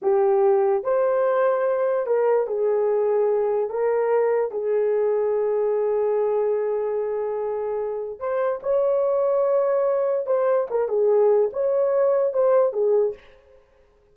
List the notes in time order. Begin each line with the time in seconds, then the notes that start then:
0.02 G4
0.83 C5
2.06 A#4
2.47 G#4
3.69 A#4
4.51 G#4
8.19 C5
8.62 C#5
10.26 C5
10.70 A#4
10.88 G#4
11.53 C#5
12.33 C5
12.72 G#4